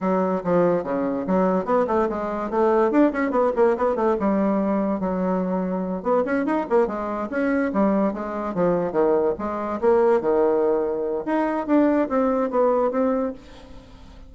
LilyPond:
\new Staff \with { instrumentName = "bassoon" } { \time 4/4 \tempo 4 = 144 fis4 f4 cis4 fis4 | b8 a8 gis4 a4 d'8 cis'8 | b8 ais8 b8 a8 g2 | fis2~ fis8 b8 cis'8 dis'8 |
ais8 gis4 cis'4 g4 gis8~ | gis8 f4 dis4 gis4 ais8~ | ais8 dis2~ dis8 dis'4 | d'4 c'4 b4 c'4 | }